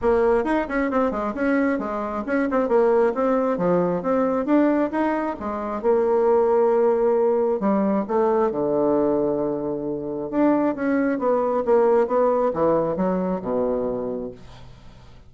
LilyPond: \new Staff \with { instrumentName = "bassoon" } { \time 4/4 \tempo 4 = 134 ais4 dis'8 cis'8 c'8 gis8 cis'4 | gis4 cis'8 c'8 ais4 c'4 | f4 c'4 d'4 dis'4 | gis4 ais2.~ |
ais4 g4 a4 d4~ | d2. d'4 | cis'4 b4 ais4 b4 | e4 fis4 b,2 | }